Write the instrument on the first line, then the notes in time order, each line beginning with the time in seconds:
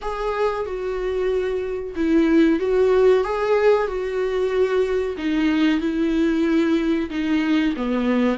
viola
0.01 G#4
0.65 F#4
1.95 E4
2.59 F#4
3.23 G#4
3.87 F#4
5.17 D#4
5.80 E4
7.10 D#4
7.76 B3